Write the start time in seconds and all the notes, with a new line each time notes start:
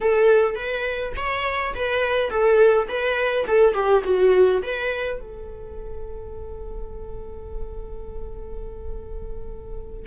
0.00 A4
0.55 B4
1.16 C#5
1.74 B4
2.30 A4
2.88 B4
3.47 A4
3.74 G4
4.04 F#4
4.62 B4
5.20 A4